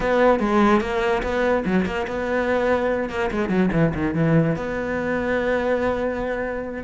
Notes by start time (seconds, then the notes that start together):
0.00 B3
0.39 G#3
0.81 A#3
1.22 B3
1.65 F#3
1.85 A#3
2.07 B3
3.09 A#3
3.31 G#3
3.49 F#3
3.72 E3
3.94 D#3
4.14 E3
4.55 B3